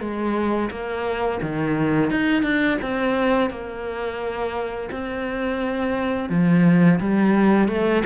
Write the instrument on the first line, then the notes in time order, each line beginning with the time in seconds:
cello
0.00 G#3
0.71 A#3
1.42 D#3
2.11 D#4
2.43 D4
2.82 C4
3.50 A#3
4.91 C4
6.29 F3
7.00 G3
7.68 A3